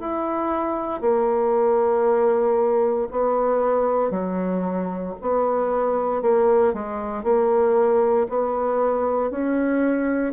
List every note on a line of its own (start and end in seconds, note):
0.00 1.02 E4
1.02 3.08 A#3
3.11 4.11 B3
4.11 5.14 F#3
5.22 6.22 B3
6.22 6.74 A#3
6.74 7.24 G#3
7.24 8.28 A#3
8.29 9.31 B3
9.31 10.34 C#4